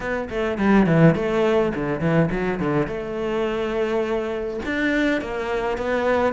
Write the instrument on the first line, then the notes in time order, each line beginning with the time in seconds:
cello
0.00 B3
0.29 A3
0.57 G3
0.86 E3
1.15 A3
1.74 D3
2.00 E3
2.31 F#3
2.59 D3
2.87 A3
4.65 D4
5.21 A#3
5.77 B3